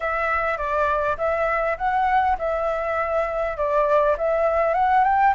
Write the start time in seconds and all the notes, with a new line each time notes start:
0.00 E5
0.57 D5
1.17 E5
1.77 F#5
2.38 E5
3.57 D5
4.17 E5
4.74 F#5
5.04 G5